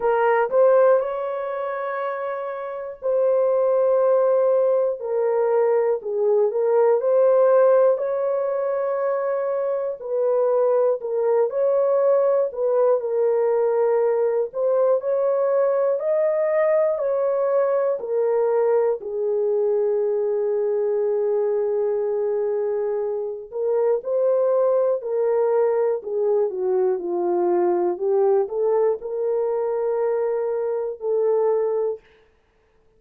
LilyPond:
\new Staff \with { instrumentName = "horn" } { \time 4/4 \tempo 4 = 60 ais'8 c''8 cis''2 c''4~ | c''4 ais'4 gis'8 ais'8 c''4 | cis''2 b'4 ais'8 cis''8~ | cis''8 b'8 ais'4. c''8 cis''4 |
dis''4 cis''4 ais'4 gis'4~ | gis'2.~ gis'8 ais'8 | c''4 ais'4 gis'8 fis'8 f'4 | g'8 a'8 ais'2 a'4 | }